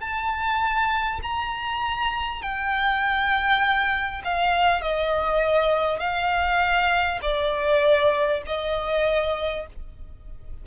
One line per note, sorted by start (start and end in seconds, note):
0.00 1.20 A5
1.22 2.42 A#5
2.42 4.22 G5
4.24 4.81 F5
4.81 5.99 D#5
5.99 7.19 F5
7.22 8.42 D5
8.46 9.66 D#5